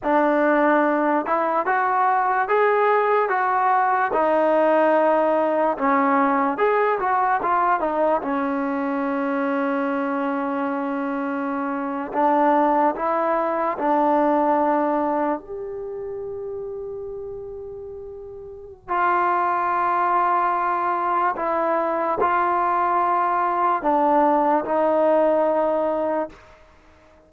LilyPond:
\new Staff \with { instrumentName = "trombone" } { \time 4/4 \tempo 4 = 73 d'4. e'8 fis'4 gis'4 | fis'4 dis'2 cis'4 | gis'8 fis'8 f'8 dis'8 cis'2~ | cis'2~ cis'8. d'4 e'16~ |
e'8. d'2 g'4~ g'16~ | g'2. f'4~ | f'2 e'4 f'4~ | f'4 d'4 dis'2 | }